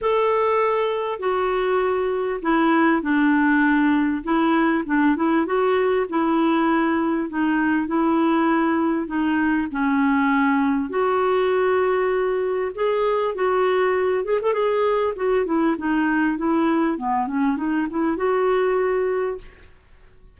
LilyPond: \new Staff \with { instrumentName = "clarinet" } { \time 4/4 \tempo 4 = 99 a'2 fis'2 | e'4 d'2 e'4 | d'8 e'8 fis'4 e'2 | dis'4 e'2 dis'4 |
cis'2 fis'2~ | fis'4 gis'4 fis'4. gis'16 a'16 | gis'4 fis'8 e'8 dis'4 e'4 | b8 cis'8 dis'8 e'8 fis'2 | }